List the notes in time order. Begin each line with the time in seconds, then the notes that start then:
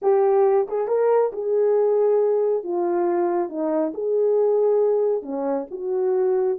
0.02 G4
0.68 G#4
0.87 A#4
1.32 G#4
2.63 F4
3.49 D#4
3.93 G#4
5.22 C#4
5.71 F#4